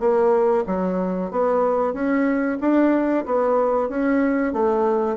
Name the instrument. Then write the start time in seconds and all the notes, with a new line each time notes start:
bassoon
0.00 A#3
0.67 F#3
1.31 B3
1.94 C#4
2.61 D4
3.26 B3
3.89 C#4
4.53 A3